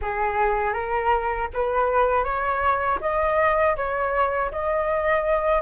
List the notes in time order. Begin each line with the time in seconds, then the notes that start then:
0.01 G#4
0.73 A#4
1.53 B4
2.24 C#5
3.00 D#5
3.76 C#5
4.51 D#5